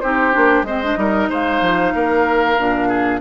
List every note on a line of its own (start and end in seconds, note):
0.00 0.35 C4
0.00 0.32 D#4
0.00 0.66 G4
0.00 0.64 C5
0.32 0.62 A#3
0.32 0.64 D4
0.62 0.94 G#3
0.62 0.83 C4
0.62 0.99 C5
0.62 1.30 D#5
0.83 0.96 D4
0.96 1.29 G3
0.96 2.55 D#4
0.96 1.29 A#4
1.29 1.61 G#3
1.29 1.93 C5
1.29 3.21 F5
1.61 1.93 F3
1.94 2.58 A#3
1.94 2.88 A#4
2.58 3.21 A#2
2.58 3.21 D4
2.88 3.20 G#4